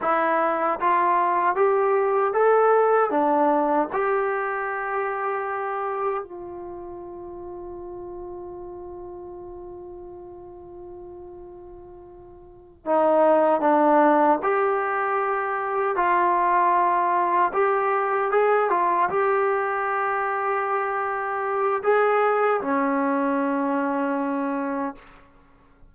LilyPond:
\new Staff \with { instrumentName = "trombone" } { \time 4/4 \tempo 4 = 77 e'4 f'4 g'4 a'4 | d'4 g'2. | f'1~ | f'1~ |
f'8 dis'4 d'4 g'4.~ | g'8 f'2 g'4 gis'8 | f'8 g'2.~ g'8 | gis'4 cis'2. | }